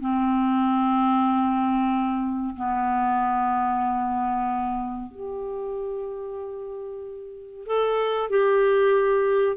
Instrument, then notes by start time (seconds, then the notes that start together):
clarinet
0.00 C4
2.56 B3
5.11 G4
7.66 A4
8.30 G4